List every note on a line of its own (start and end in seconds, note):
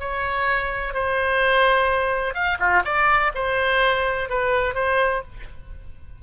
0.00 0.94 C#5
0.94 2.34 C5
2.34 2.58 F5
2.60 2.83 F4
2.85 3.32 D5
3.35 4.30 C5
4.30 4.75 B4
4.75 5.23 C5